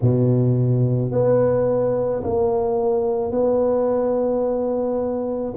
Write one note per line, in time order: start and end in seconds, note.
0.01 1.11 B2
1.11 2.22 B3
2.23 3.31 A#3
3.31 5.53 B3